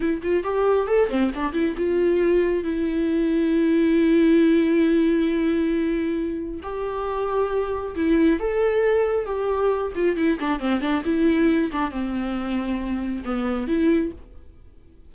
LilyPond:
\new Staff \with { instrumentName = "viola" } { \time 4/4 \tempo 4 = 136 e'8 f'8 g'4 a'8 c'8 d'8 e'8 | f'2 e'2~ | e'1~ | e'2. g'4~ |
g'2 e'4 a'4~ | a'4 g'4. f'8 e'8 d'8 | c'8 d'8 e'4. d'8 c'4~ | c'2 b4 e'4 | }